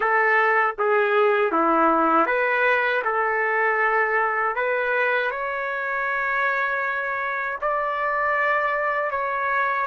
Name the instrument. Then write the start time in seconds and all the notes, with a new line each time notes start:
trumpet
0.00 A4
0.78 G#4
1.52 E4
2.26 B4
3.04 A4
4.55 B4
5.30 C#5
7.61 D5
9.10 C#5